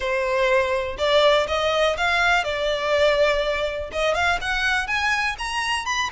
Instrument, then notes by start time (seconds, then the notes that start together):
violin
0.00 C5
0.98 D5
1.47 D#5
1.97 F5
2.44 D5
3.92 D#5
4.14 F5
4.41 F#5
4.87 G#5
5.38 A#5
5.85 B5